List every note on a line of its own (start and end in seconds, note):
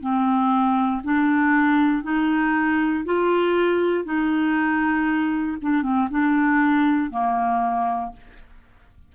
0.00 1.02 C4
1.04 2.03 D4
2.03 3.05 D#4
3.05 4.04 F4
4.04 5.57 D#4
5.62 5.82 D4
5.82 6.08 C4
6.10 7.10 D4
7.10 8.12 A#3